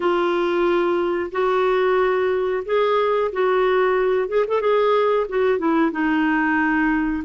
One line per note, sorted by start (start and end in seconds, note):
0.00 1.30 F4
1.31 2.63 F#4
2.65 3.31 G#4
3.32 4.28 F#4
4.28 4.45 G#4
4.47 4.60 A4
4.60 5.26 G#4
5.29 5.58 F#4
5.58 5.91 E4
5.91 7.23 D#4